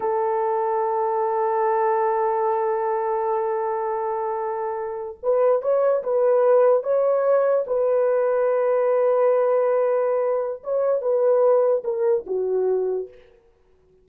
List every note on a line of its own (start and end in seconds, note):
0.00 5.17 A4
5.22 5.62 B4
5.62 6.02 C#5
6.03 6.83 B4
6.83 7.64 C#5
7.66 10.62 B4
10.63 11.01 C#5
11.01 11.83 B4
11.84 12.24 A#4
12.26 13.08 F#4